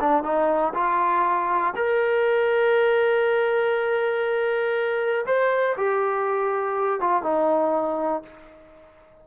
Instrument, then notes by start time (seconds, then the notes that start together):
trombone
0.00 D4
0.23 D#4
0.74 F4
1.76 A#4
5.26 C5
5.77 G4
7.00 F4
7.23 D#4